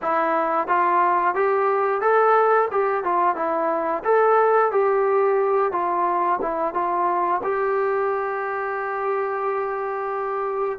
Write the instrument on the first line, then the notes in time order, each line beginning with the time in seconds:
trombone
0.02 E4
0.67 F4
1.35 G4
2.01 A4
2.71 G4
3.03 F4
3.35 E4
4.04 A4
4.71 G4
5.72 F4
6.41 E4
6.74 F4
7.43 G4